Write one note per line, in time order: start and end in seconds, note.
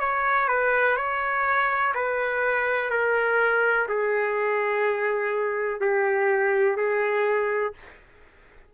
0.00 0.48 C#5
0.48 0.97 B4
0.97 1.94 C#5
1.94 2.90 B4
2.90 3.87 A#4
3.88 5.81 G#4
5.81 6.77 G4
6.77 7.73 G#4